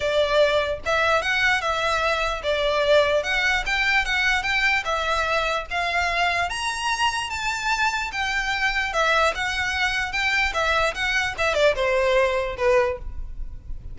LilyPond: \new Staff \with { instrumentName = "violin" } { \time 4/4 \tempo 4 = 148 d''2 e''4 fis''4 | e''2 d''2 | fis''4 g''4 fis''4 g''4 | e''2 f''2 |
ais''2 a''2 | g''2 e''4 fis''4~ | fis''4 g''4 e''4 fis''4 | e''8 d''8 c''2 b'4 | }